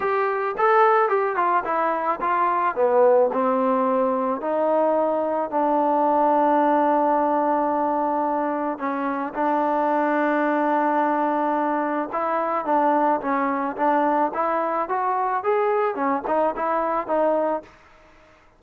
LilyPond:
\new Staff \with { instrumentName = "trombone" } { \time 4/4 \tempo 4 = 109 g'4 a'4 g'8 f'8 e'4 | f'4 b4 c'2 | dis'2 d'2~ | d'1 |
cis'4 d'2.~ | d'2 e'4 d'4 | cis'4 d'4 e'4 fis'4 | gis'4 cis'8 dis'8 e'4 dis'4 | }